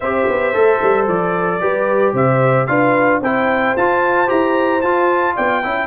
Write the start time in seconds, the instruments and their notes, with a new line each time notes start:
0.00 tuba C4, trombone G4, horn C5, trumpet E5
0.28 tuba B3
0.54 tuba A3, trombone A4
0.82 tuba G3
1.07 tuba F3, trumpet D5
1.60 tuba G3, trombone G4, horn B4
2.13 tuba C3, horn C5, trumpet E5
2.66 tuba D4, trombone F4, horn B4, trumpet F5
3.20 tuba C4, trombone E4, horn C5, trumpet G5
3.76 tuba F4, trombone F4, trumpet A5
4.27 tuba E4, trombone G4, trumpet A#5
4.81 tuba F4, trombone F4, trumpet A5
5.35 tuba B3, horn D5, trumpet G5
5.63 tuba C#4, trombone E4, horn E5